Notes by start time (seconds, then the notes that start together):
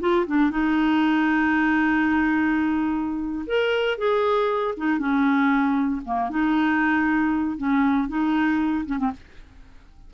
0.00 F4
0.27 D4
0.50 D#4
3.46 A#4
3.97 G#4
4.77 D#4
4.99 C#4
6.05 A#3
6.30 D#4
7.57 C#4
8.08 D#4
8.86 C#4
8.98 C4